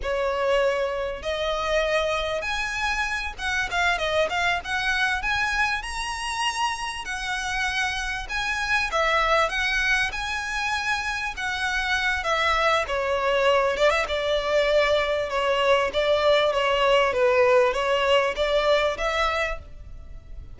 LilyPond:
\new Staff \with { instrumentName = "violin" } { \time 4/4 \tempo 4 = 98 cis''2 dis''2 | gis''4. fis''8 f''8 dis''8 f''8 fis''8~ | fis''8 gis''4 ais''2 fis''8~ | fis''4. gis''4 e''4 fis''8~ |
fis''8 gis''2 fis''4. | e''4 cis''4. d''16 e''16 d''4~ | d''4 cis''4 d''4 cis''4 | b'4 cis''4 d''4 e''4 | }